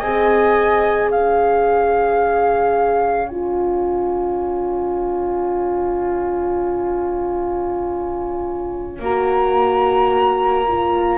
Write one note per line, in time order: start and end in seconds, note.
0.00 1.10 C4
0.00 3.29 G#4
0.00 1.08 D#5
0.00 1.09 G#5
1.08 8.99 C#4
1.08 11.17 C#5
1.08 3.28 F5
3.28 9.02 F4
3.28 9.01 G#5
8.99 11.17 A#3
8.99 10.66 F#4
8.99 11.17 A#5
10.67 11.17 F4